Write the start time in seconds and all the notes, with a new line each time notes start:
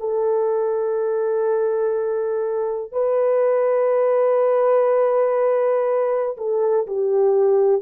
0.00 A4
2.92 B4
6.37 A4
6.87 G4